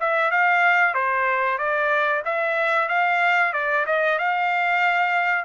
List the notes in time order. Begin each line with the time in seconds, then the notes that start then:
0.00 E5
0.31 F5
0.94 C5
1.58 D5
2.25 E5
2.89 F5
3.53 D5
3.86 D#5
4.19 F5